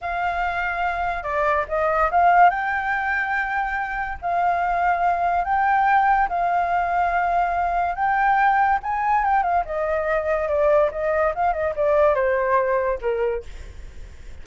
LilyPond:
\new Staff \with { instrumentName = "flute" } { \time 4/4 \tempo 4 = 143 f''2. d''4 | dis''4 f''4 g''2~ | g''2 f''2~ | f''4 g''2 f''4~ |
f''2. g''4~ | g''4 gis''4 g''8 f''8 dis''4~ | dis''4 d''4 dis''4 f''8 dis''8 | d''4 c''2 ais'4 | }